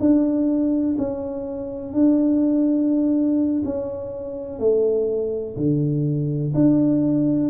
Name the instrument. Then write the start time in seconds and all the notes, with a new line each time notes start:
tuba
0.00 D4
0.99 C#4
1.94 D4
3.65 C#4
4.59 A3
5.56 D3
6.55 D4